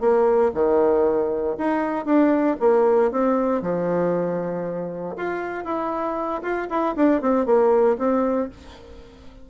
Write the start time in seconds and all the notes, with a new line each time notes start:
0.00 A#3
0.54 D#3
1.58 D#4
2.06 D4
2.60 A#3
3.12 C4
3.62 F3
5.17 F4
5.65 E4
6.42 F4
6.70 E4
6.96 D4
7.21 C4
7.46 A#3
7.98 C4